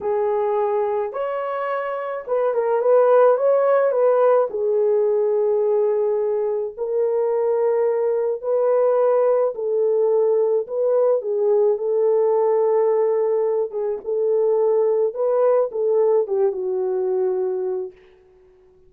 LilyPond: \new Staff \with { instrumentName = "horn" } { \time 4/4 \tempo 4 = 107 gis'2 cis''2 | b'8 ais'8 b'4 cis''4 b'4 | gis'1 | ais'2. b'4~ |
b'4 a'2 b'4 | gis'4 a'2.~ | a'8 gis'8 a'2 b'4 | a'4 g'8 fis'2~ fis'8 | }